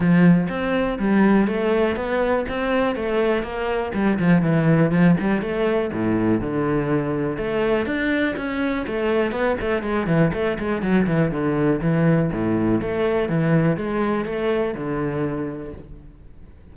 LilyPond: \new Staff \with { instrumentName = "cello" } { \time 4/4 \tempo 4 = 122 f4 c'4 g4 a4 | b4 c'4 a4 ais4 | g8 f8 e4 f8 g8 a4 | a,4 d2 a4 |
d'4 cis'4 a4 b8 a8 | gis8 e8 a8 gis8 fis8 e8 d4 | e4 a,4 a4 e4 | gis4 a4 d2 | }